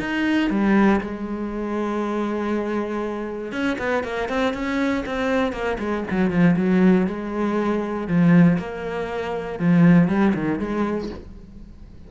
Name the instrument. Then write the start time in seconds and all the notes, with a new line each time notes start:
cello
0.00 D#4
0.50 G3
1.01 G#3
3.53 C#4
3.79 B3
4.04 A#3
4.29 C4
4.54 C#4
5.06 C4
5.53 A#3
5.79 G#3
6.11 F#3
6.31 F3
6.57 F#3
7.07 G#3
8.08 F3
8.59 A#3
9.60 F3
10.08 G3
10.35 D#3
10.60 G#3